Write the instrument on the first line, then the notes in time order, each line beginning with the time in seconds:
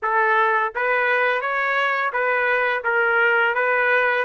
trumpet
0.02 A4
0.75 B4
1.41 C#5
2.12 B4
2.84 A#4
3.54 B4